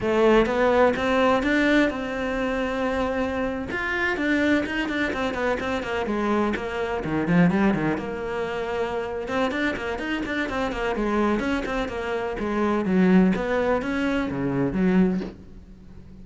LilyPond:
\new Staff \with { instrumentName = "cello" } { \time 4/4 \tempo 4 = 126 a4 b4 c'4 d'4 | c'2.~ c'8. f'16~ | f'8. d'4 dis'8 d'8 c'8 b8 c'16~ | c'16 ais8 gis4 ais4 dis8 f8 g16~ |
g16 dis8 ais2~ ais8. c'8 | d'8 ais8 dis'8 d'8 c'8 ais8 gis4 | cis'8 c'8 ais4 gis4 fis4 | b4 cis'4 cis4 fis4 | }